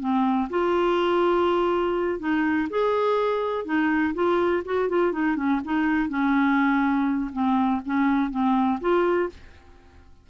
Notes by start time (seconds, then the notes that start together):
0.00 C4
0.50 F4
2.20 D#4
2.70 G#4
3.65 D#4
4.14 F4
4.65 F#4
4.89 F4
5.12 D#4
5.37 C#4
5.65 D#4
6.09 C#4
7.33 C4
7.86 C#4
8.31 C4
8.81 F4